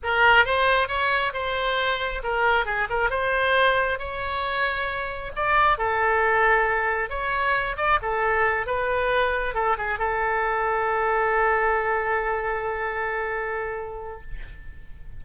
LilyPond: \new Staff \with { instrumentName = "oboe" } { \time 4/4 \tempo 4 = 135 ais'4 c''4 cis''4 c''4~ | c''4 ais'4 gis'8 ais'8 c''4~ | c''4 cis''2. | d''4 a'2. |
cis''4. d''8 a'4. b'8~ | b'4. a'8 gis'8 a'4.~ | a'1~ | a'1 | }